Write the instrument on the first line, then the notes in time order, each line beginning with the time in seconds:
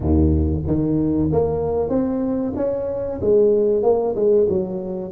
tuba
0.00 D#2
0.66 D#3
1.32 A#3
1.89 C4
2.56 C#4
3.21 G#3
3.83 A#3
4.15 G#3
4.48 F#3